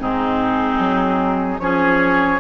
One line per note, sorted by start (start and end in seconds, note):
0.00 0.79 G#2
0.00 1.60 C4
0.00 1.62 D#4
0.00 1.60 G#4
0.79 1.59 F#3
1.60 2.40 F3
1.60 2.40 C#4
1.60 2.40 G#4
1.60 2.40 C#5